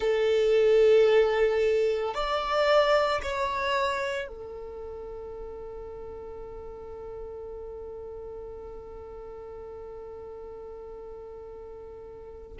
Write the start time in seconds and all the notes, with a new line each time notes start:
0.00 A4
2.14 D5
3.22 C#5
4.27 A4